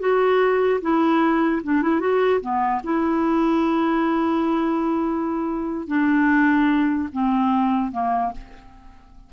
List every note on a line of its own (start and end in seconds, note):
0.00 0.81 F#4
0.81 1.63 E4
1.64 1.83 D4
1.83 2.00 E4
2.00 2.41 F#4
2.41 2.82 B3
2.84 5.87 E4
5.87 7.09 D4
7.13 7.92 C4
7.92 8.33 A#3